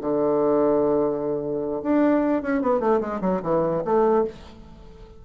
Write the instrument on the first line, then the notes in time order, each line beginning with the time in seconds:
bassoon
0.00 D3
1.82 D4
2.42 C#4
2.61 B3
2.79 A3
3.00 G#3
3.20 F#3
3.42 E3
3.84 A3